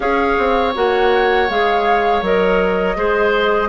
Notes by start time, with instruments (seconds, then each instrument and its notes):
0.00 bassoon C#4, clarinet G#4, oboe C#5, flute F5
0.38 bassoon C4
0.74 bassoon A#3, clarinet F#4, flute F#5
1.49 bassoon G#3, clarinet G#4, flute F5
2.21 bassoon F#3, clarinet A#4, flute D#5
2.96 bassoon G#3, clarinet G#4, oboe C5